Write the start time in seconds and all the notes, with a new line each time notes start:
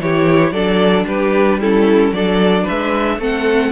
0.00 E3 E4 G4 C#5
0.51 F#3 D4 A4 D5
1.05 G3 G4 B4
1.60 C#4 E4 A4
2.12 F#3 D4 A4 D5
2.63 B4 E5
2.70 G#3
3.18 A3 C4 A4 F#5